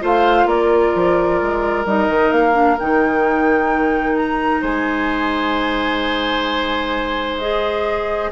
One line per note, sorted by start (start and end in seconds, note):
0.00 0.45 A3
0.00 1.85 F4
0.00 0.47 C5
0.00 0.48 F5
0.45 0.91 A#3
0.45 4.61 A#4
0.45 1.86 D5
0.95 1.41 F3
1.41 1.85 G#3
1.85 2.07 G3
1.85 2.53 D#4
1.85 2.31 D#5
2.07 2.30 D#3
2.31 2.78 A#3
2.31 2.77 F5
2.53 2.76 D4
2.79 4.61 D#3
2.79 7.41 D#4
2.79 4.17 G5
4.17 4.63 A#5
4.61 8.31 G#3
4.61 8.30 C5
4.61 7.39 G#5
7.39 8.31 G#4
7.39 8.31 D#5